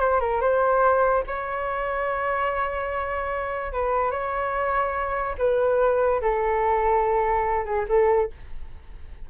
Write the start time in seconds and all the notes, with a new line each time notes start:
0.00 C5
0.20 A#4
0.41 C5
1.27 C#5
3.72 B4
4.11 C#5
5.38 B4
6.21 A4
7.65 G#4
7.88 A4